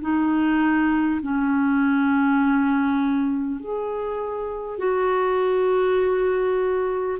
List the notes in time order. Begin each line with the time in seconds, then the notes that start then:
0.00 D#4
1.22 C#4
3.60 G#4
4.78 F#4